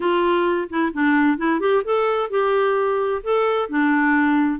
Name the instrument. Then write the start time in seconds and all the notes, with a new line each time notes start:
clarinet
0.00 F4
0.69 E4
0.93 D4
1.37 E4
1.59 G4
1.84 A4
2.30 G4
3.23 A4
3.69 D4